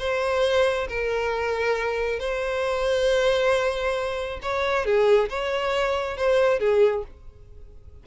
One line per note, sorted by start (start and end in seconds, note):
0.00 0.88 C5
0.89 2.20 A#4
2.20 4.40 C5
4.43 4.85 C#5
4.85 5.30 G#4
5.30 6.17 C#5
6.17 6.60 C5
6.60 7.04 G#4